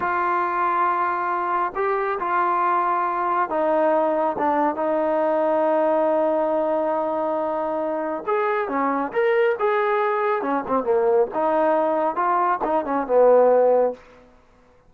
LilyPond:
\new Staff \with { instrumentName = "trombone" } { \time 4/4 \tempo 4 = 138 f'1 | g'4 f'2. | dis'2 d'4 dis'4~ | dis'1~ |
dis'2. gis'4 | cis'4 ais'4 gis'2 | cis'8 c'8 ais4 dis'2 | f'4 dis'8 cis'8 b2 | }